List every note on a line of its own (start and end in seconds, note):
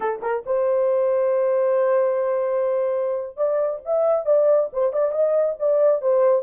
0.00 0.20 A4
0.22 0.44 A#4
0.46 3.36 C5
3.36 3.80 D5
3.85 4.25 E5
4.25 4.69 D5
4.73 4.92 C5
4.92 5.11 D5
5.11 5.55 D#5
5.59 6.01 D5
6.01 6.42 C5